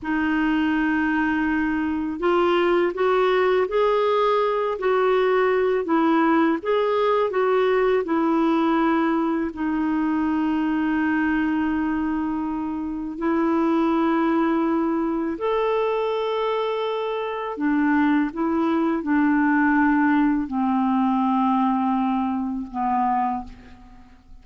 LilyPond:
\new Staff \with { instrumentName = "clarinet" } { \time 4/4 \tempo 4 = 82 dis'2. f'4 | fis'4 gis'4. fis'4. | e'4 gis'4 fis'4 e'4~ | e'4 dis'2.~ |
dis'2 e'2~ | e'4 a'2. | d'4 e'4 d'2 | c'2. b4 | }